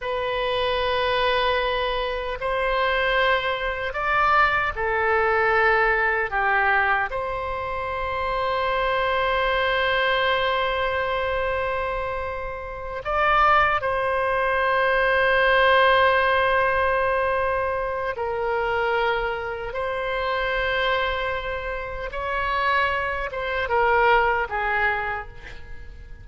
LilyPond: \new Staff \with { instrumentName = "oboe" } { \time 4/4 \tempo 4 = 76 b'2. c''4~ | c''4 d''4 a'2 | g'4 c''2.~ | c''1~ |
c''8 d''4 c''2~ c''8~ | c''2. ais'4~ | ais'4 c''2. | cis''4. c''8 ais'4 gis'4 | }